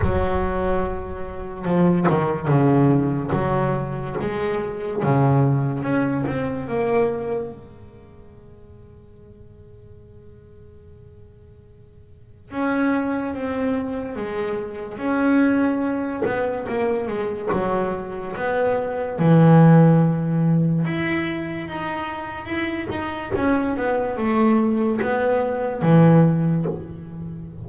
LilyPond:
\new Staff \with { instrumentName = "double bass" } { \time 4/4 \tempo 4 = 72 fis2 f8 dis8 cis4 | fis4 gis4 cis4 cis'8 c'8 | ais4 gis2.~ | gis2. cis'4 |
c'4 gis4 cis'4. b8 | ais8 gis8 fis4 b4 e4~ | e4 e'4 dis'4 e'8 dis'8 | cis'8 b8 a4 b4 e4 | }